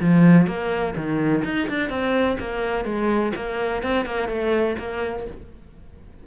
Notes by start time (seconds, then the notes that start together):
0.00 F3
0.47 A#3
0.96 D#3
1.44 D#4
1.69 D4
1.89 C4
2.39 A#3
2.85 G#3
3.35 A#3
3.83 C4
4.05 A#3
4.28 A3
4.79 A#3